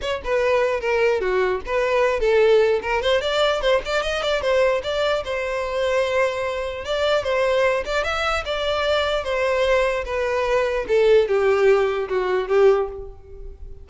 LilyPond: \new Staff \with { instrumentName = "violin" } { \time 4/4 \tempo 4 = 149 cis''8 b'4. ais'4 fis'4 | b'4. a'4. ais'8 c''8 | d''4 c''8 d''8 dis''8 d''8 c''4 | d''4 c''2.~ |
c''4 d''4 c''4. d''8 | e''4 d''2 c''4~ | c''4 b'2 a'4 | g'2 fis'4 g'4 | }